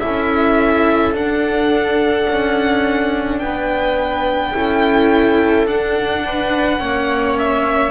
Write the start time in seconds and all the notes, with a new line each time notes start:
0.00 C#4 E4 A4 E5
1.14 D4 F#5
2.29 C#4
3.39 B3 B4 G5
4.54 C#4 E4 A4
5.67 D4 F#5
6.25 B4
6.79 A#3 C#4 C#5
7.39 E5